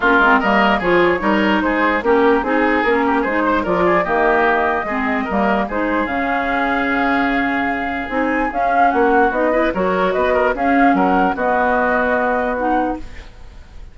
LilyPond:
<<
  \new Staff \with { instrumentName = "flute" } { \time 4/4 \tempo 4 = 148 ais'4 dis''4 cis''2 | c''4 ais'4 gis'4 ais'4 | c''4 d''4 dis''2~ | dis''2 c''4 f''4~ |
f''1 | gis''4 f''4 fis''4 dis''4 | cis''4 dis''4 f''4 fis''4 | dis''2. fis''4 | }
  \new Staff \with { instrumentName = "oboe" } { \time 4/4 f'4 ais'4 gis'4 ais'4 | gis'4 g'4 gis'4. g'8 | gis'8 c''8 ais'8 gis'8 g'2 | gis'4 ais'4 gis'2~ |
gis'1~ | gis'2 fis'4. b'8 | ais'4 b'8 ais'8 gis'4 ais'4 | fis'1 | }
  \new Staff \with { instrumentName = "clarinet" } { \time 4/4 cis'8 c'8 ais4 f'4 dis'4~ | dis'4 cis'4 dis'4 cis'4 | dis'4 f'4 ais2 | c'4 ais4 dis'4 cis'4~ |
cis'1 | dis'4 cis'2 dis'8 e'8 | fis'2 cis'2 | b2. dis'4 | }
  \new Staff \with { instrumentName = "bassoon" } { \time 4/4 ais8 gis8 g4 f4 g4 | gis4 ais4 c'4 ais4 | gis4 f4 dis2 | gis4 g4 gis4 cis4~ |
cis1 | c'4 cis'4 ais4 b4 | fis4 b4 cis'4 fis4 | b1 | }
>>